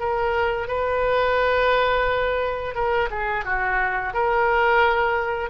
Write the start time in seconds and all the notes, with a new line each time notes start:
0.00 A#4
0.68 B4
2.75 A#4
3.11 G#4
3.45 F#4
4.14 A#4